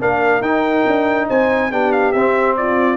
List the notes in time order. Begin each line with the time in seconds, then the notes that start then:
0.00 A#3 D4 A#4 F5
0.41 D#4 G5
0.87 D4
1.29 C4 C5 G#5
1.72 B3 D4 G4 G5
1.93 F5
2.13 C4 E5
2.57 F4 D5